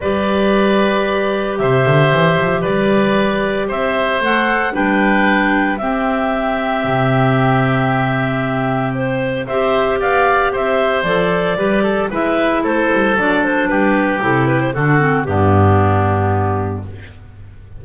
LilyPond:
<<
  \new Staff \with { instrumentName = "clarinet" } { \time 4/4 \tempo 4 = 114 d''2. e''4~ | e''4 d''2 e''4 | fis''4 g''2 e''4~ | e''1~ |
e''4 c''4 e''4 f''4 | e''4 d''2 e''4 | c''4 d''8 c''8 b'4 a'8 b'16 c''16 | a'4 g'2. | }
  \new Staff \with { instrumentName = "oboe" } { \time 4/4 b'2. c''4~ | c''4 b'2 c''4~ | c''4 b'2 g'4~ | g'1~ |
g'2 c''4 d''4 | c''2 b'8 a'8 b'4 | a'2 g'2 | fis'4 d'2. | }
  \new Staff \with { instrumentName = "clarinet" } { \time 4/4 g'1~ | g'1 | a'4 d'2 c'4~ | c'1~ |
c'2 g'2~ | g'4 a'4 g'4 e'4~ | e'4 d'2 e'4 | d'8 c'8 b2. | }
  \new Staff \with { instrumentName = "double bass" } { \time 4/4 g2. c8 d8 | e8 f8 g2 c'4 | a4 g2 c'4~ | c'4 c2.~ |
c2 c'4 b4 | c'4 f4 g4 gis4 | a8 g8 fis4 g4 c4 | d4 g,2. | }
>>